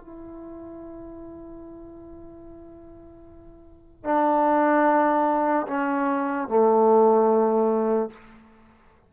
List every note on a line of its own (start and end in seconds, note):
0.00 4.04 E4
4.04 5.66 D4
5.68 6.48 C#4
6.48 8.10 A3